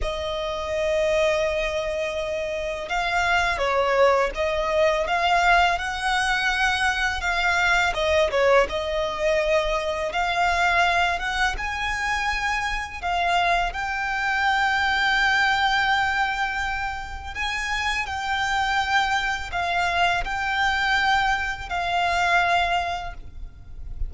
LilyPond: \new Staff \with { instrumentName = "violin" } { \time 4/4 \tempo 4 = 83 dis''1 | f''4 cis''4 dis''4 f''4 | fis''2 f''4 dis''8 cis''8 | dis''2 f''4. fis''8 |
gis''2 f''4 g''4~ | g''1 | gis''4 g''2 f''4 | g''2 f''2 | }